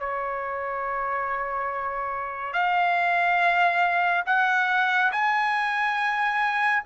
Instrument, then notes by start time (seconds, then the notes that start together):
trumpet
0.00 C#5
2.54 F5
4.26 F#5
5.12 G#5